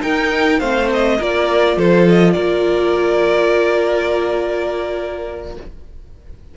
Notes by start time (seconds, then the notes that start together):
0.00 D#4 A#4 G5
0.59 A3 C4 C5 F5
0.93 D#5
1.18 A#3 F4 A#4 D5
1.76 F3 A4 C5
2.08 D#5
2.32 A#3 A#4 D5